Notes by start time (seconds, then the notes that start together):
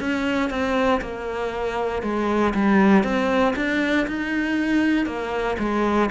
0.00 C#4
0.50 C4
1.01 A#3
2.03 G#3
2.54 G3
3.04 C4
3.56 D4
4.07 D#4
5.06 A#3
5.59 G#3